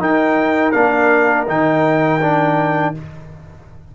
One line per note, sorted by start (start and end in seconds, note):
0.00 0.73 D#4
0.00 0.74 D#4
0.00 2.93 A#4
0.00 0.72 G5
0.72 1.48 A#3
0.72 1.47 D4
0.72 1.45 F5
1.48 2.95 D#3
1.48 2.21 D#4
1.48 2.96 G5
2.22 2.95 D4